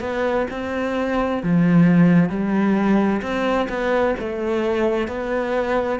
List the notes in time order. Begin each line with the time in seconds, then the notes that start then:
0.00 B3
0.50 C4
1.43 F3
2.29 G3
3.21 C4
3.68 B3
4.19 A3
5.07 B3